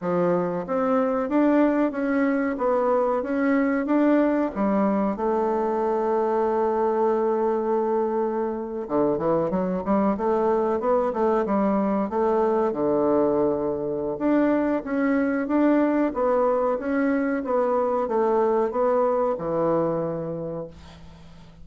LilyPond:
\new Staff \with { instrumentName = "bassoon" } { \time 4/4 \tempo 4 = 93 f4 c'4 d'4 cis'4 | b4 cis'4 d'4 g4 | a1~ | a4.~ a16 d8 e8 fis8 g8 a16~ |
a8. b8 a8 g4 a4 d16~ | d2 d'4 cis'4 | d'4 b4 cis'4 b4 | a4 b4 e2 | }